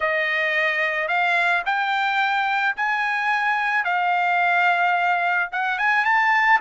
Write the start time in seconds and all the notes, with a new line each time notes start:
0.00 D#5
1.07 F5
1.65 G5
2.76 G#5
3.84 F5
5.51 F#5
5.78 G#5
6.05 A5